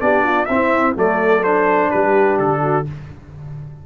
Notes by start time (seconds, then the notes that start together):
0.00 B3 D4 G4 D5
0.24 F4
0.45 C4 E4 E5
0.96 F#3 A3 A4 D5
1.43 D4 C5
1.90 G3 G4 B4
2.39 D3 A4
2.62 F#4